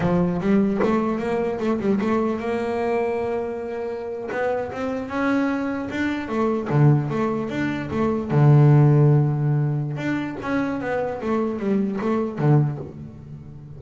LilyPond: \new Staff \with { instrumentName = "double bass" } { \time 4/4 \tempo 4 = 150 f4 g4 a4 ais4 | a8 g8 a4 ais2~ | ais2~ ais8. b4 c'16~ | c'8. cis'2 d'4 a16~ |
a8. d4 a4 d'4 a16~ | a8. d2.~ d16~ | d4 d'4 cis'4 b4 | a4 g4 a4 d4 | }